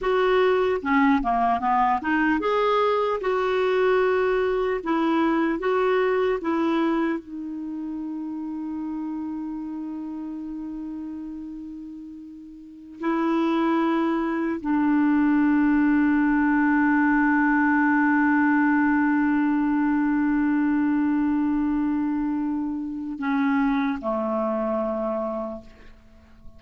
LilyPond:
\new Staff \with { instrumentName = "clarinet" } { \time 4/4 \tempo 4 = 75 fis'4 cis'8 ais8 b8 dis'8 gis'4 | fis'2 e'4 fis'4 | e'4 dis'2.~ | dis'1~ |
dis'16 e'2 d'4.~ d'16~ | d'1~ | d'1~ | d'4 cis'4 a2 | }